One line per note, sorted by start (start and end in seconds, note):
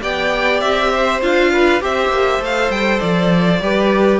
0.00 0.62 B3
0.00 1.20 G4
0.00 0.91 D5
0.00 0.60 G5
0.60 1.21 C4
0.60 1.20 E5
0.91 1.51 C5
1.21 1.81 D4
1.21 1.80 F4
1.21 1.82 F5
1.52 1.82 B4
1.80 2.08 C4
1.80 2.40 G4
1.80 3.62 C5
1.80 2.43 E5
2.08 2.38 A#3
2.39 2.69 A3
2.39 3.60 A4
2.39 2.71 F5
2.69 2.99 G3
2.69 2.99 G5
2.99 3.60 F3
2.99 4.19 D5
3.60 4.19 G3
3.60 4.19 G4
3.60 4.19 B4